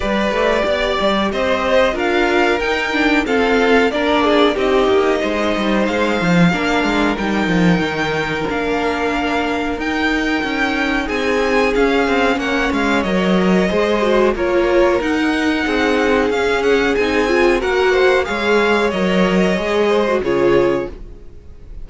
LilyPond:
<<
  \new Staff \with { instrumentName = "violin" } { \time 4/4 \tempo 4 = 92 d''2 dis''4 f''4 | g''4 f''4 d''4 dis''4~ | dis''4 f''2 g''4~ | g''4 f''2 g''4~ |
g''4 gis''4 f''4 fis''8 f''8 | dis''2 cis''4 fis''4~ | fis''4 f''8 fis''8 gis''4 fis''4 | f''4 dis''2 cis''4 | }
  \new Staff \with { instrumentName = "violin" } { \time 4/4 b'4 d''4 c''4 ais'4~ | ais'4 a'4 ais'8 gis'8 g'4 | c''2 ais'2~ | ais'1~ |
ais'4 gis'2 cis''4~ | cis''4 c''4 ais'2 | gis'2. ais'8 c''8 | cis''2~ cis''8 c''8 gis'4 | }
  \new Staff \with { instrumentName = "viola" } { \time 4/4 g'2. f'4 | dis'8 d'8 c'4 d'4 dis'4~ | dis'2 d'4 dis'4~ | dis'4 d'2 dis'4~ |
dis'2 cis'2 | ais'4 gis'8 fis'8 f'4 dis'4~ | dis'4 cis'4 dis'8 f'8 fis'4 | gis'4 ais'4 gis'8. fis'16 f'4 | }
  \new Staff \with { instrumentName = "cello" } { \time 4/4 g8 a8 b8 g8 c'4 d'4 | dis'4 f'4 ais4 c'8 ais8 | gis8 g8 gis8 f8 ais8 gis8 g8 f8 | dis4 ais2 dis'4 |
cis'4 c'4 cis'8 c'8 ais8 gis8 | fis4 gis4 ais4 dis'4 | c'4 cis'4 c'4 ais4 | gis4 fis4 gis4 cis4 | }
>>